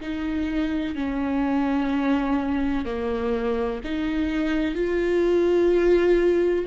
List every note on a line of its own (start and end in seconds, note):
0.00 0.95 D#4
0.95 2.85 C#4
2.85 3.80 A#3
3.84 4.74 D#4
4.74 6.65 F4